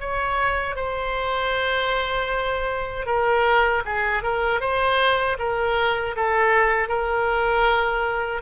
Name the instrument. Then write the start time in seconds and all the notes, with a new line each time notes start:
oboe
0.00 C#5
0.76 C5
3.06 A#4
3.85 G#4
4.23 A#4
4.60 C5
5.39 A#4
6.16 A4
6.88 A#4